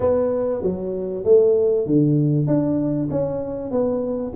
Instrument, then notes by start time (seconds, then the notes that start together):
tuba
0.00 B3
0.62 F#3
1.24 A3
1.86 D3
2.47 D4
3.10 C#4
3.71 B3